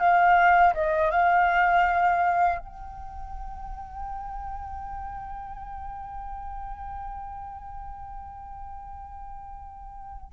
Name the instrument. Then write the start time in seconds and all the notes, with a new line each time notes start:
flute
0.00 F5
0.74 D#5
1.11 F5
2.60 G5